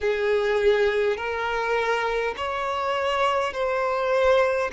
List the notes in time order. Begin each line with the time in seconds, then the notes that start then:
0.00 G#4
1.17 A#4
2.36 C#5
3.53 C5